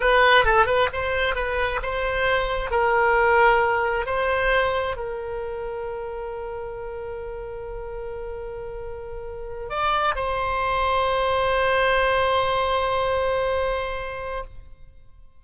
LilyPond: \new Staff \with { instrumentName = "oboe" } { \time 4/4 \tempo 4 = 133 b'4 a'8 b'8 c''4 b'4 | c''2 ais'2~ | ais'4 c''2 ais'4~ | ais'1~ |
ais'1~ | ais'4. d''4 c''4.~ | c''1~ | c''1 | }